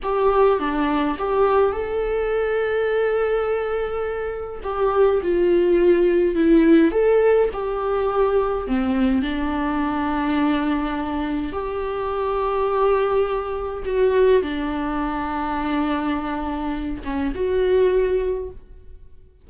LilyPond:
\new Staff \with { instrumentName = "viola" } { \time 4/4 \tempo 4 = 104 g'4 d'4 g'4 a'4~ | a'1 | g'4 f'2 e'4 | a'4 g'2 c'4 |
d'1 | g'1 | fis'4 d'2.~ | d'4. cis'8 fis'2 | }